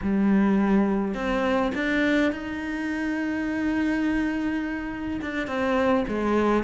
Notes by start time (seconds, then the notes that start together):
0.02 G3
1.14 C4
1.75 D4
2.32 D#4
5.21 D4
5.47 C4
6.08 G#3